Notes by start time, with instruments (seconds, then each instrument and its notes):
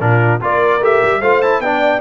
0.00 tuba A#2, trombone D4, horn F4, trumpet A#4
0.41 tuba A#3, trombone F4, horn A#4, trumpet D5
0.80 tuba A3, trombone G4, trumpet E5
1.03 tuba G3
1.21 tuba A3, trombone F4, horn C5, trumpet F5
1.42 trombone E4, trumpet A5
1.60 tuba B3, trombone D4, horn D5, trumpet G5